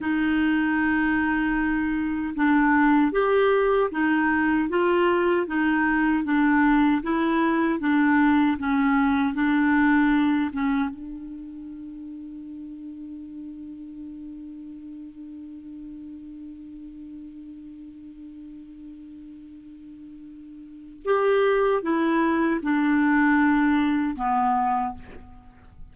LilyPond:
\new Staff \with { instrumentName = "clarinet" } { \time 4/4 \tempo 4 = 77 dis'2. d'4 | g'4 dis'4 f'4 dis'4 | d'4 e'4 d'4 cis'4 | d'4. cis'8 d'2~ |
d'1~ | d'1~ | d'2. g'4 | e'4 d'2 b4 | }